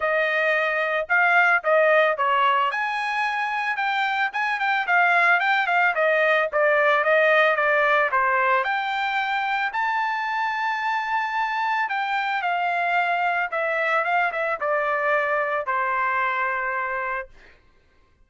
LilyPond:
\new Staff \with { instrumentName = "trumpet" } { \time 4/4 \tempo 4 = 111 dis''2 f''4 dis''4 | cis''4 gis''2 g''4 | gis''8 g''8 f''4 g''8 f''8 dis''4 | d''4 dis''4 d''4 c''4 |
g''2 a''2~ | a''2 g''4 f''4~ | f''4 e''4 f''8 e''8 d''4~ | d''4 c''2. | }